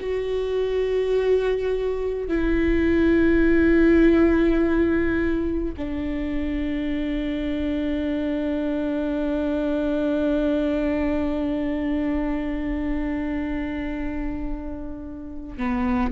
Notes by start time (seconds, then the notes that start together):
0.00 F#4
2.28 E4
5.77 D4
15.58 B3